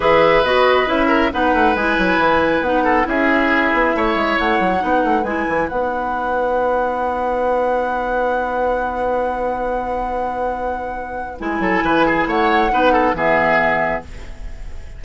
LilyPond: <<
  \new Staff \with { instrumentName = "flute" } { \time 4/4 \tempo 4 = 137 e''4 dis''4 e''4 fis''4 | gis''2 fis''4 e''4~ | e''2 fis''2 | gis''4 fis''2.~ |
fis''1~ | fis''1~ | fis''2 gis''2 | fis''2 e''2 | }
  \new Staff \with { instrumentName = "oboe" } { \time 4/4 b'2~ b'8 ais'8 b'4~ | b'2~ b'8 a'8 gis'4~ | gis'4 cis''2 b'4~ | b'1~ |
b'1~ | b'1~ | b'2~ b'8 a'8 b'8 gis'8 | cis''4 b'8 a'8 gis'2 | }
  \new Staff \with { instrumentName = "clarinet" } { \time 4/4 gis'4 fis'4 e'4 dis'4 | e'2 dis'4 e'4~ | e'2. dis'4 | e'4 dis'2.~ |
dis'1~ | dis'1~ | dis'2 e'2~ | e'4 dis'4 b2 | }
  \new Staff \with { instrumentName = "bassoon" } { \time 4/4 e4 b4 cis'4 b8 a8 | gis8 fis8 e4 b4 cis'4~ | cis'8 b8 a8 gis8 a8 fis8 b8 a8 | gis8 e8 b2.~ |
b1~ | b1~ | b2 gis8 fis8 e4 | a4 b4 e2 | }
>>